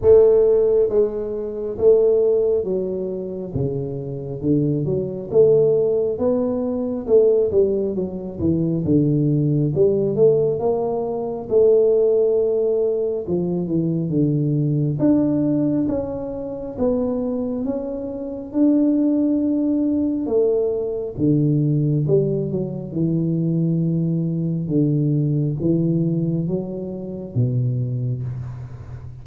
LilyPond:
\new Staff \with { instrumentName = "tuba" } { \time 4/4 \tempo 4 = 68 a4 gis4 a4 fis4 | cis4 d8 fis8 a4 b4 | a8 g8 fis8 e8 d4 g8 a8 | ais4 a2 f8 e8 |
d4 d'4 cis'4 b4 | cis'4 d'2 a4 | d4 g8 fis8 e2 | d4 e4 fis4 b,4 | }